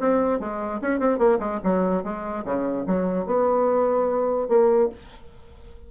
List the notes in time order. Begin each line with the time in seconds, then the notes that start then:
0.00 C4
0.40 G#3
0.82 C#4
1.00 C4
1.18 A#3
1.40 G#3
1.64 F#3
2.04 G#3
2.45 C#3
2.87 F#3
3.26 B3
4.48 A#3